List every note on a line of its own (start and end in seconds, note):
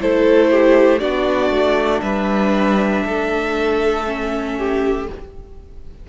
0.00 1.02 A3
0.00 1.00 E4
0.00 0.51 A4
0.00 0.99 C5
0.51 1.01 G4
0.99 1.50 B3
0.99 4.05 D4
0.99 2.02 F#4
0.99 2.01 D5
1.50 2.01 A3
2.01 3.03 G3
2.01 3.04 B4
2.01 5.07 E5
3.05 5.09 A3
3.05 4.58 A4
4.06 5.07 C#4
4.58 5.09 G4